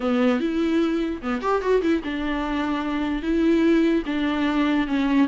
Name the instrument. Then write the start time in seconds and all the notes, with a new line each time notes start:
viola
0.00 B3
0.40 E4
1.21 B3
1.41 G4
1.61 F#4
1.82 E4
2.03 D4
3.22 E4
4.06 D4
4.87 C#4